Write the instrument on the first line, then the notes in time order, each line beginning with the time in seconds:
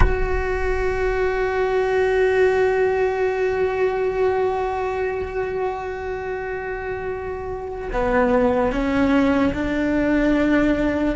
cello
0.00 F#4
7.92 B3
8.72 C#4
9.53 D4